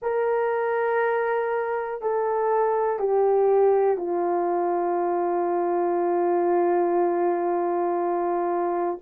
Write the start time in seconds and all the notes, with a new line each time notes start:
0.02 A#4
2.01 A4
2.99 G4
3.97 F4